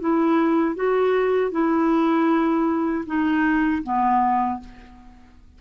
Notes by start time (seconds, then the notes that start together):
0.00 E4
0.75 F#4
1.51 E4
3.06 D#4
3.83 B3